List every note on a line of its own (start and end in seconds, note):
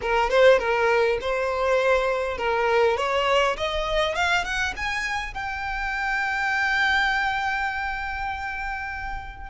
0.01 0.30 A#4
0.30 0.59 C5
0.59 1.18 A#4
1.20 2.37 C5
2.37 2.97 A#4
2.97 3.56 C#5
3.56 4.15 D#5
4.15 4.44 F5
4.44 4.74 F#5
4.76 5.34 G#5
5.34 9.50 G5